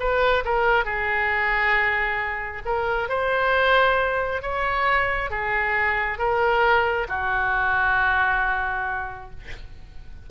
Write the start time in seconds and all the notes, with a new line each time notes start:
0.00 B4
0.45 A#4
0.85 G#4
2.66 A#4
3.09 C5
4.43 C#5
5.31 G#4
6.19 A#4
7.09 F#4